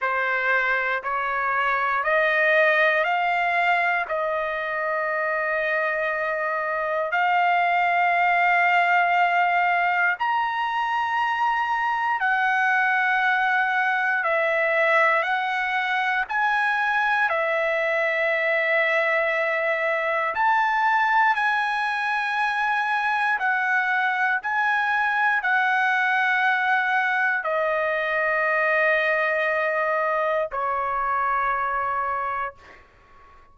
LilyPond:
\new Staff \with { instrumentName = "trumpet" } { \time 4/4 \tempo 4 = 59 c''4 cis''4 dis''4 f''4 | dis''2. f''4~ | f''2 ais''2 | fis''2 e''4 fis''4 |
gis''4 e''2. | a''4 gis''2 fis''4 | gis''4 fis''2 dis''4~ | dis''2 cis''2 | }